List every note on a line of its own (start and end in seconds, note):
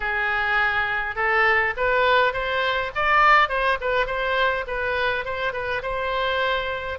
0.00 1.15 G#4
1.15 1.73 A4
1.76 2.33 B4
2.33 2.91 C5
2.95 3.48 D5
3.48 3.78 C5
3.80 4.06 B4
4.06 4.64 C5
4.67 5.24 B4
5.24 5.52 C5
5.52 5.81 B4
5.82 6.98 C5